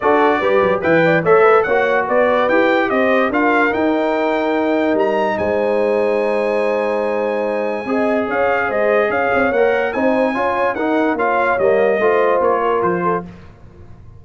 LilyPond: <<
  \new Staff \with { instrumentName = "trumpet" } { \time 4/4 \tempo 4 = 145 d''2 g''4 e''4 | fis''4 d''4 g''4 dis''4 | f''4 g''2. | ais''4 gis''2.~ |
gis''1 | f''4 dis''4 f''4 fis''4 | gis''2 fis''4 f''4 | dis''2 cis''4 c''4 | }
  \new Staff \with { instrumentName = "horn" } { \time 4/4 a'4 b'4 e''8 d''8 cis''8 b'8 | cis''4 b'2 c''4 | ais'1~ | ais'4 c''2.~ |
c''2. dis''4 | cis''4 c''4 cis''2 | c''4 cis''4 ais'4 cis''4~ | cis''4 c''4. ais'4 a'8 | }
  \new Staff \with { instrumentName = "trombone" } { \time 4/4 fis'4 g'4 b'4 a'4 | fis'2 g'2 | f'4 dis'2.~ | dis'1~ |
dis'2. gis'4~ | gis'2. ais'4 | dis'4 f'4 dis'4 f'4 | ais4 f'2. | }
  \new Staff \with { instrumentName = "tuba" } { \time 4/4 d'4 g8 fis8 e4 a4 | ais4 b4 e'4 c'4 | d'4 dis'2. | g4 gis2.~ |
gis2. c'4 | cis'4 gis4 cis'8 c'8 ais4 | c'4 cis'4 dis'4 ais4 | g4 a4 ais4 f4 | }
>>